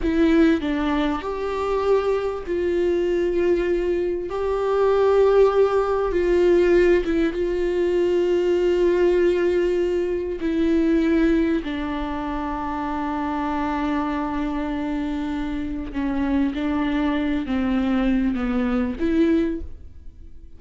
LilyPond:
\new Staff \with { instrumentName = "viola" } { \time 4/4 \tempo 4 = 98 e'4 d'4 g'2 | f'2. g'4~ | g'2 f'4. e'8 | f'1~ |
f'4 e'2 d'4~ | d'1~ | d'2 cis'4 d'4~ | d'8 c'4. b4 e'4 | }